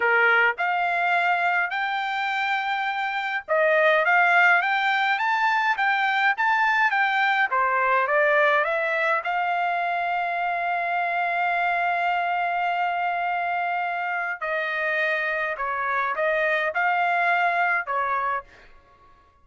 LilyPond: \new Staff \with { instrumentName = "trumpet" } { \time 4/4 \tempo 4 = 104 ais'4 f''2 g''4~ | g''2 dis''4 f''4 | g''4 a''4 g''4 a''4 | g''4 c''4 d''4 e''4 |
f''1~ | f''1~ | f''4 dis''2 cis''4 | dis''4 f''2 cis''4 | }